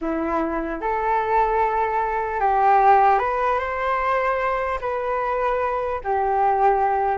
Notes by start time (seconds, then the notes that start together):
0.01 E4
0.81 A4
2.40 G4
3.19 B4
3.58 C5
4.80 B4
6.04 G4